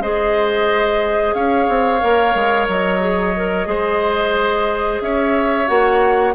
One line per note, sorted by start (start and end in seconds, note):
0.00 1.33 G#3
0.00 2.00 G#4
0.00 1.35 C5
0.00 1.34 D#5
1.34 1.67 C#4
1.34 3.68 C#5
1.34 2.67 F5
1.68 2.02 C4
2.00 2.34 A#3
2.00 3.00 A#4
2.34 2.68 G#3
2.68 3.67 F#3
2.68 5.01 D#5
3.00 3.33 G#4
3.36 3.65 A#4
3.65 5.00 G#3
3.65 5.65 G#4
3.65 5.02 C5
5.01 5.68 C#4
5.01 6.34 C#5
5.01 5.68 E5
5.67 6.34 A#3
5.67 6.33 F#4
5.67 6.34 F#5